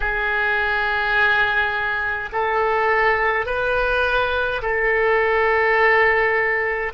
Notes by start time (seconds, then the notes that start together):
0.00 G#4
2.32 A4
3.46 B4
4.62 A4